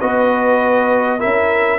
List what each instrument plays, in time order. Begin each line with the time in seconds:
0.00 tuba B3, trombone F#4, horn B4, trumpet D#5
1.19 tuba C#4, trombone E4, horn A#4, trumpet E5